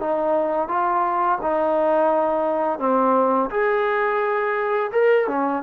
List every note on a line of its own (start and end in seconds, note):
0.00 0.68 D#4
0.68 1.39 F4
1.41 2.79 D#4
2.79 3.50 C4
3.50 4.91 G#4
4.92 5.27 A#4
5.27 5.63 C#4